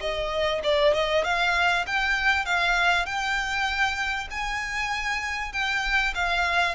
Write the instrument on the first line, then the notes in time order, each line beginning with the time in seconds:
violin
0.00 D#5
0.63 D5
0.94 D#5
1.24 F5
1.86 G5
2.45 F5
3.06 G5
4.30 G#5
5.52 G5
6.14 F5